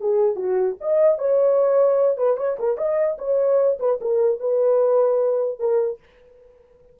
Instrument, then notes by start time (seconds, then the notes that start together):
horn
0.00 G#4
0.35 F#4
0.81 D#5
1.18 C#5
2.17 B4
2.37 C#5
2.59 A#4
2.77 D#5
3.18 C#5
3.79 B4
4.01 A#4
4.40 B4
5.59 A#4